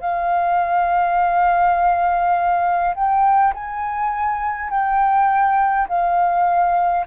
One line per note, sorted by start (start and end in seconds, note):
0.00 2.94 F5
2.95 3.53 G5
3.54 4.70 G#5
4.70 5.88 G5
5.88 7.06 F5